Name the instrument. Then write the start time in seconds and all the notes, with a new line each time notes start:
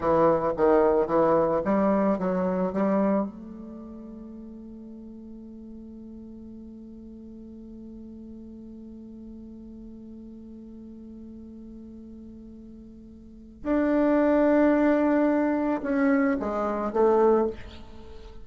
bassoon
0.00 E3
0.56 D#3
1.06 E3
1.65 G3
2.18 F#3
2.72 G3
3.27 A3
13.63 D4
15.82 C#4
16.39 G#3
16.92 A3